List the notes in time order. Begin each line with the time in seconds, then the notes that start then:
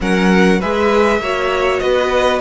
0.00 F#3 C#4 A#4 F#5
0.59 G#3 G#4 B4 E5
1.19 A#3 F#4 C#5
1.79 B3 B4 D#5